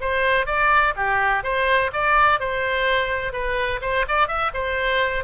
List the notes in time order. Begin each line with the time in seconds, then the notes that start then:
0.00 C5
0.46 D5
0.96 G4
1.43 C5
1.93 D5
2.40 C5
3.32 B4
3.81 C5
4.08 D5
4.27 E5
4.53 C5